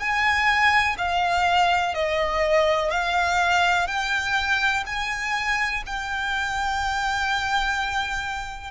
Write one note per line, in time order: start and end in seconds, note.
0.00 0.97 G#5
0.99 1.95 F5
1.95 2.91 D#5
2.91 3.88 F5
3.88 4.84 G5
4.87 5.83 G#5
5.87 8.71 G5